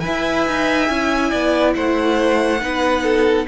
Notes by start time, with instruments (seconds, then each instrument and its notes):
0.00 viola B4, violin E5 G#5
0.06 cello E4
0.47 cello D#4
0.88 cello C#4, viola E4
1.31 cello B3, violin D5
1.75 cello A3, violin C5 F#5
2.60 cello B3, viola D#4, violin B4
3.03 violin A4